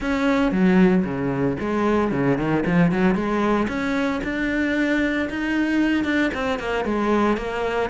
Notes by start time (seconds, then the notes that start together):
0.00 C#4
0.51 F#3
1.04 C#3
1.59 G#3
2.11 C#3
2.37 D#3
2.66 F3
2.91 F#3
3.14 G#3
3.68 C#4
4.23 D4
5.29 D#4
6.04 D4
6.33 C4
6.59 A#3
6.84 G#3
7.37 A#3